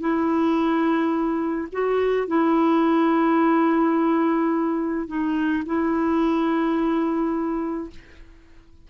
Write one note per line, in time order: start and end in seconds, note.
0.00 1.68 E4
1.72 2.27 F#4
2.27 5.07 E4
5.07 5.63 D#4
5.66 7.90 E4